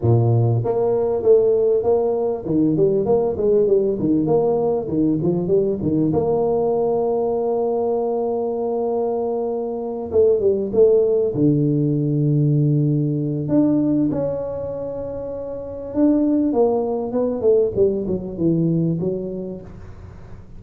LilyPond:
\new Staff \with { instrumentName = "tuba" } { \time 4/4 \tempo 4 = 98 ais,4 ais4 a4 ais4 | dis8 g8 ais8 gis8 g8 dis8 ais4 | dis8 f8 g8 dis8 ais2~ | ais1~ |
ais8 a8 g8 a4 d4.~ | d2 d'4 cis'4~ | cis'2 d'4 ais4 | b8 a8 g8 fis8 e4 fis4 | }